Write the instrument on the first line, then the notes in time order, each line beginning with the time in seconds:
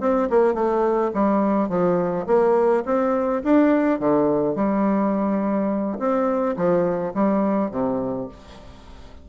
bassoon
0.00 C4
0.29 A#3
0.54 A3
1.14 G3
1.69 F3
2.26 A#3
2.85 C4
3.44 D4
3.99 D3
4.55 G3
5.99 C4
6.56 F3
7.14 G3
7.71 C3